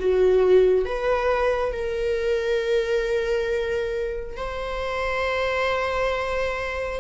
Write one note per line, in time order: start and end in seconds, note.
0.00 0.85 F#4
0.85 1.72 B4
1.72 4.37 A#4
4.37 7.00 C5